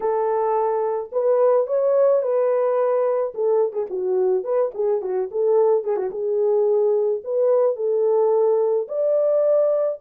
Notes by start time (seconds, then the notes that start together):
0.00 A4
1.11 B4
1.66 C#5
2.22 B4
3.34 A4
3.72 G#4
3.90 F#4
4.43 B4
4.74 G#4
5.01 F#4
5.31 A4
5.83 G#4
5.96 F#4
6.11 G#4
7.23 B4
7.76 A4
8.88 D5